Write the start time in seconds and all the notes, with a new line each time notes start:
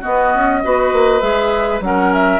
0.00 B3 F#4 D#5
0.34 C#4
0.63 B3 F#4 B4
0.92 A#3
1.20 G#3 G#4 E5
1.80 F#3 C#4 A#4 F#5
2.13 E5